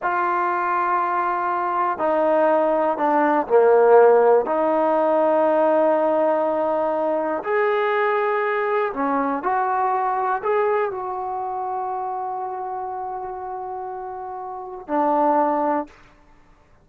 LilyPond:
\new Staff \with { instrumentName = "trombone" } { \time 4/4 \tempo 4 = 121 f'1 | dis'2 d'4 ais4~ | ais4 dis'2.~ | dis'2. gis'4~ |
gis'2 cis'4 fis'4~ | fis'4 gis'4 fis'2~ | fis'1~ | fis'2 d'2 | }